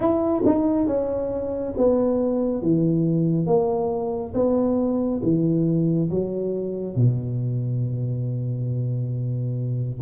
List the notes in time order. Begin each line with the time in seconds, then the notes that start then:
0.00 E4
0.45 D#4
0.87 C#4
1.77 B3
2.62 E3
3.46 A#3
4.34 B3
5.22 E3
6.09 F#3
6.95 B2